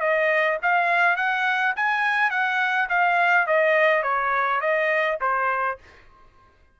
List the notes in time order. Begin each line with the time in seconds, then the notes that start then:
0.00 D#5
0.62 F5
1.16 F#5
1.76 G#5
2.31 F#5
2.89 F5
3.47 D#5
4.03 C#5
4.60 D#5
5.21 C5